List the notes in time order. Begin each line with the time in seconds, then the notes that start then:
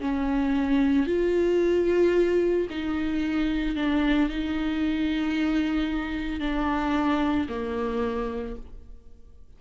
0.00 C#4
1.06 F4
2.70 D#4
3.75 D4
4.29 D#4
6.40 D4
7.49 A#3